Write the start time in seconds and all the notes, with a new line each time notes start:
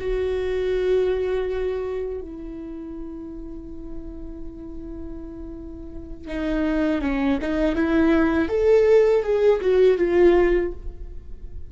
0.00 F#4
2.22 E4
6.28 D#4
7.02 C#4
7.41 D#4
7.76 E4
8.49 A4
9.23 G#4
9.61 F#4
9.98 F4